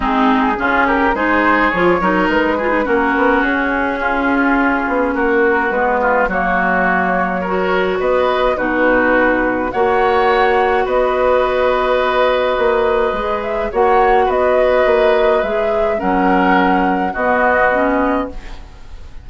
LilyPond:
<<
  \new Staff \with { instrumentName = "flute" } { \time 4/4 \tempo 4 = 105 gis'4. ais'8 c''4 cis''4 | b'4 ais'4 gis'2~ | gis'4 ais'4 b'4 cis''4~ | cis''2 dis''4 b'4~ |
b'4 fis''2 dis''4~ | dis''2.~ dis''8 e''8 | fis''4 dis''2 e''4 | fis''2 dis''2 | }
  \new Staff \with { instrumentName = "oboe" } { \time 4/4 dis'4 f'8 g'8 gis'4. ais'8~ | ais'8 gis'8 fis'2 f'4~ | f'4 fis'4. f'8 fis'4~ | fis'4 ais'4 b'4 fis'4~ |
fis'4 cis''2 b'4~ | b'1 | cis''4 b'2. | ais'2 fis'2 | }
  \new Staff \with { instrumentName = "clarinet" } { \time 4/4 c'4 cis'4 dis'4 f'8 dis'8~ | dis'8 f'16 dis'16 cis'2.~ | cis'2 b4 ais4~ | ais4 fis'2 dis'4~ |
dis'4 fis'2.~ | fis'2. gis'4 | fis'2. gis'4 | cis'2 b4 cis'4 | }
  \new Staff \with { instrumentName = "bassoon" } { \time 4/4 gis4 cis4 gis4 f8 fis8 | gis4 ais8 b8 cis'2~ | cis'8 b8 ais4 gis4 fis4~ | fis2 b4 b,4~ |
b,4 ais2 b4~ | b2 ais4 gis4 | ais4 b4 ais4 gis4 | fis2 b2 | }
>>